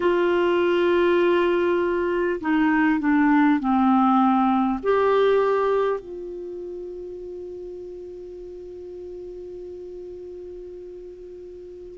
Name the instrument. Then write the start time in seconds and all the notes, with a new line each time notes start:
clarinet
0.00 F4
2.40 D#4
2.99 D4
3.59 C4
4.83 G4
6.00 F4